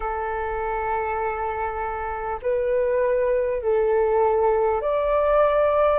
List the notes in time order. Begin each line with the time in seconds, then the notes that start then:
0.00 A4
2.42 B4
3.62 A4
4.81 D5